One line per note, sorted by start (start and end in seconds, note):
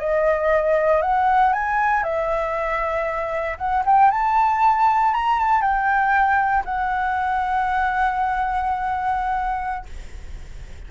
0.00 1.02 D#5
1.02 1.54 F#5
1.54 2.04 G#5
2.04 3.58 E5
3.58 3.84 F#5
3.86 4.12 G5
4.12 5.14 A5
5.14 5.40 A#5
5.40 5.62 A5
5.62 6.65 G5
6.66 9.86 F#5